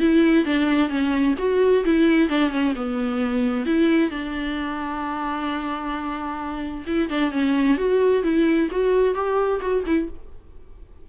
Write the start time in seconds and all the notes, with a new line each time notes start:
0.00 E4
0.46 D4
0.89 C#4
1.39 F#4
1.85 E4
2.29 D4
2.51 C#4
2.76 B3
3.66 E4
4.11 D4
6.87 E4
7.10 D4
7.32 C#4
7.78 F#4
8.23 E4
8.71 F#4
9.15 G4
9.61 F#4
9.87 E4